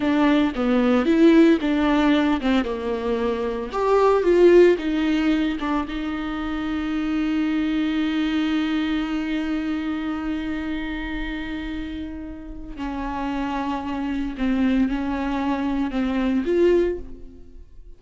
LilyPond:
\new Staff \with { instrumentName = "viola" } { \time 4/4 \tempo 4 = 113 d'4 b4 e'4 d'4~ | d'8 c'8 ais2 g'4 | f'4 dis'4. d'8 dis'4~ | dis'1~ |
dis'1~ | dis'1 | cis'2. c'4 | cis'2 c'4 f'4 | }